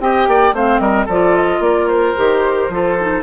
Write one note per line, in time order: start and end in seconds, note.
0.00 0.27 C4
0.00 0.53 G4
0.00 0.29 D#5
0.00 0.55 G5
0.27 0.53 A#3
0.27 0.55 D5
0.53 0.79 A3
0.53 1.08 C4
0.53 0.81 C5
0.53 0.79 F5
0.79 1.06 G3
0.79 1.05 A#4
0.79 1.06 D#5
1.05 1.59 F3
1.05 2.16 F4
1.05 1.59 A4
1.05 1.36 D5
1.36 1.62 D#5
1.59 2.13 A#3
1.59 2.73 A#4
1.59 1.87 D5
1.87 3.23 C5
2.16 2.69 D#3
2.16 2.70 G4
2.69 3.23 F3
2.69 2.98 F4
2.69 3.23 A4
2.99 3.23 D#4